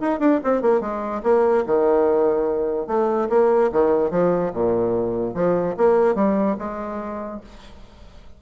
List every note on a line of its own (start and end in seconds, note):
0.00 0.19 D#4
0.19 0.40 D4
0.44 0.62 C4
0.62 0.81 A#3
0.81 1.22 G#3
1.23 1.64 A#3
1.66 2.87 D#3
2.87 3.28 A3
3.29 3.70 A#3
3.72 4.11 D#3
4.11 4.52 F3
4.53 5.34 A#2
5.34 5.75 F3
5.77 6.15 A#3
6.15 6.56 G3
6.58 7.40 G#3